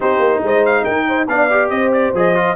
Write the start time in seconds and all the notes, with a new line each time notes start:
0.00 C4 D#4 G4 C5
0.19 A#3
0.43 G#3 C5 D#5
0.65 F5
0.83 D#4 A#4 G5
1.08 C5
1.27 B3 D4 D5 F5
1.50 G4
1.69 C4 C5 D#5
1.92 D5
2.13 F3 G#4 D#5
2.35 F4